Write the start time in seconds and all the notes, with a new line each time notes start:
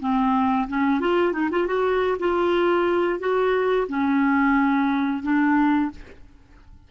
0.00 C4
0.68 C#4
1.00 F4
1.32 D#4
1.51 F4
1.67 F#4
2.19 F4
3.19 F#4
3.88 C#4
5.23 D4